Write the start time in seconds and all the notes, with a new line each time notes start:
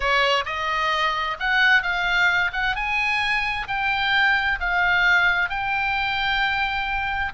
0.00 C#5
0.45 D#5
1.39 F#5
1.82 F5
2.52 F#5
2.75 G#5
3.67 G5
4.59 F5
5.49 G5